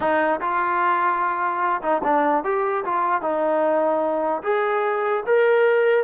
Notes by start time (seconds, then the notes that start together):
0.00 D#4
0.40 F4
1.82 D#4
2.03 D4
2.44 G4
2.85 F4
3.21 D#4
4.43 G#4
5.26 A#4